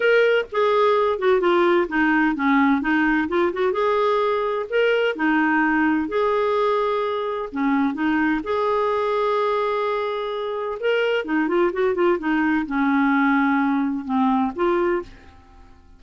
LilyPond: \new Staff \with { instrumentName = "clarinet" } { \time 4/4 \tempo 4 = 128 ais'4 gis'4. fis'8 f'4 | dis'4 cis'4 dis'4 f'8 fis'8 | gis'2 ais'4 dis'4~ | dis'4 gis'2. |
cis'4 dis'4 gis'2~ | gis'2. ais'4 | dis'8 f'8 fis'8 f'8 dis'4 cis'4~ | cis'2 c'4 f'4 | }